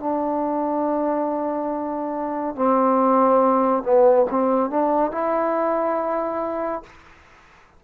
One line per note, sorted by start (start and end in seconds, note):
0.00 2.56 D4
2.56 3.83 C4
3.83 4.26 B3
4.31 4.70 C4
4.70 5.12 D4
5.12 6.83 E4